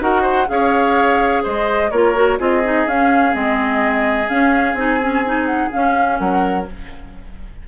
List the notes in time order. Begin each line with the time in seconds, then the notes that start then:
0.00 D#4 F#4 A#4 F#5
0.22 C5
0.48 C#4 G#4 C#5 F5
1.44 G#3 C5 D#5
1.91 A#3 F4 A#4 C#5
2.15 F#4
2.39 C4 F4 G#4 D#5
2.65 D#4
2.87 C#4 F5
3.33 G#3 C4 D#5
4.28 C#4 F5
4.74 C4 D#4 G#5
5.01 C#4
5.25 D#4
5.47 F#5
5.72 C#4 F5
6.19 F#3 A#4 F#5